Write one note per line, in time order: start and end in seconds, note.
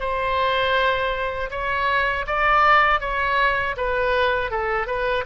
0.00 1.50 C5
1.51 2.26 C#5
2.27 3.01 D5
3.01 3.76 C#5
3.77 4.51 B4
4.51 4.87 A4
4.87 5.25 B4